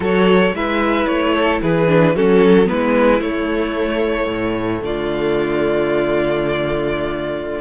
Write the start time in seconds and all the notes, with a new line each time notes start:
0.00 F#3 F#4 A4 C#5
0.52 G#3 E4 B4 E5
1.06 A3 C#5
1.34 A4
1.62 E3 G#4 B4
1.87 D4
2.15 F#3 C#4 F#4 A4
2.65 G#3 B3 E4 B4
3.20 A3 C#5
4.28 A2
4.82 D3 F4 D5